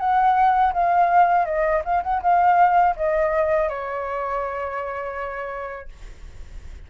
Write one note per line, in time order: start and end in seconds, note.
0.00 0.73 F#5
0.74 1.46 F5
1.46 1.83 D#5
1.85 2.03 F5
2.04 2.22 F#5
2.23 2.96 F5
2.97 3.70 D#5
3.70 5.89 C#5